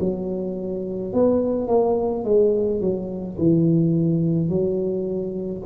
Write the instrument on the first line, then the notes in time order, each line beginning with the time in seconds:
tuba
0.00 F#3
1.13 B3
1.67 A#3
2.24 G#3
2.80 F#3
3.38 E3
4.49 F#3